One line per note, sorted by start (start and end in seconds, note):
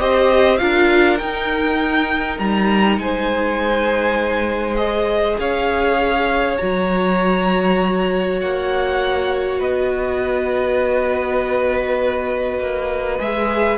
0.00 0.61 C4
0.00 0.59 G4
0.00 0.61 C5
0.00 0.57 D#5
0.57 1.21 D4
0.57 1.19 F4
0.57 3.02 A#4
0.57 1.17 F5
1.19 4.78 D#4
1.19 2.40 D#4
1.19 2.39 G5
2.39 2.98 G3
2.39 2.99 A#5
2.98 5.38 G#3
2.98 5.41 C5
2.98 4.76 G#5
4.76 6.58 G#4
4.76 5.36 D#5
5.39 6.59 C#4
5.39 9.60 C#5
5.39 6.58 F5
6.58 8.42 F#3
6.58 13.19 F#4
6.58 8.38 A#5
8.42 9.61 A#3
8.42 9.61 F#5
9.60 12.60 B3
9.60 13.78 B4
9.60 13.20 D#5
12.60 13.20 A#3
13.19 13.78 G#3
13.19 13.78 G#4
13.19 13.78 E5